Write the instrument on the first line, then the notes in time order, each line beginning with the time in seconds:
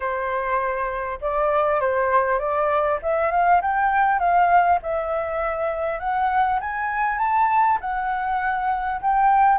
flute
0.00 C5
1.21 D5
1.80 C5
2.39 D5
3.02 E5
3.31 F5
3.61 G5
4.19 F5
4.82 E5
5.99 F#5
6.60 G#5
7.18 A5
7.81 F#5
9.01 G5